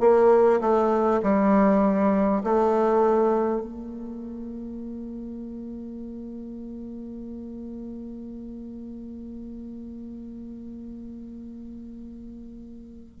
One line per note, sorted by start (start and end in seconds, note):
0.00 0.60 A#3
0.60 1.20 A3
1.23 2.43 G3
2.43 3.61 A3
3.61 13.20 A#3